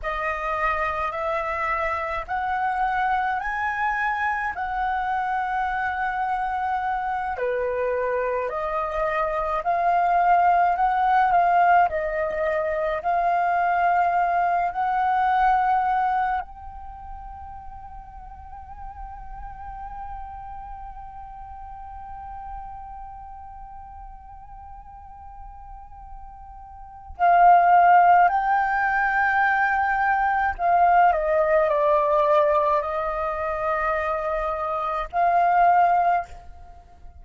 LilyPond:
\new Staff \with { instrumentName = "flute" } { \time 4/4 \tempo 4 = 53 dis''4 e''4 fis''4 gis''4 | fis''2~ fis''8 b'4 dis''8~ | dis''8 f''4 fis''8 f''8 dis''4 f''8~ | f''4 fis''4. g''4.~ |
g''1~ | g''1 | f''4 g''2 f''8 dis''8 | d''4 dis''2 f''4 | }